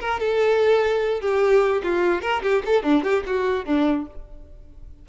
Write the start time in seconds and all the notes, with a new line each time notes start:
0.00 A#4
0.20 A4
1.21 G4
1.83 F4
2.22 A#4
2.42 G4
2.66 A4
2.83 D4
3.03 G4
3.27 F#4
3.65 D4